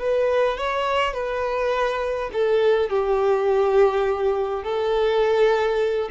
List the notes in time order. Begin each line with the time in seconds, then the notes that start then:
0.00 B4
0.58 C#5
1.14 B4
2.33 A4
2.90 G4
4.64 A4